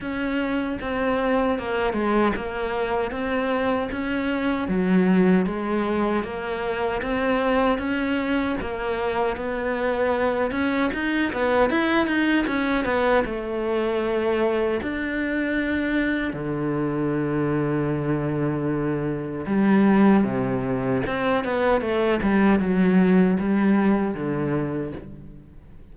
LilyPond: \new Staff \with { instrumentName = "cello" } { \time 4/4 \tempo 4 = 77 cis'4 c'4 ais8 gis8 ais4 | c'4 cis'4 fis4 gis4 | ais4 c'4 cis'4 ais4 | b4. cis'8 dis'8 b8 e'8 dis'8 |
cis'8 b8 a2 d'4~ | d'4 d2.~ | d4 g4 c4 c'8 b8 | a8 g8 fis4 g4 d4 | }